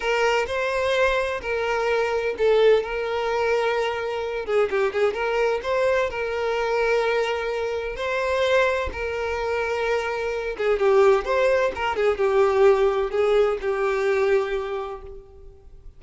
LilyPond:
\new Staff \with { instrumentName = "violin" } { \time 4/4 \tempo 4 = 128 ais'4 c''2 ais'4~ | ais'4 a'4 ais'2~ | ais'4. gis'8 g'8 gis'8 ais'4 | c''4 ais'2.~ |
ais'4 c''2 ais'4~ | ais'2~ ais'8 gis'8 g'4 | c''4 ais'8 gis'8 g'2 | gis'4 g'2. | }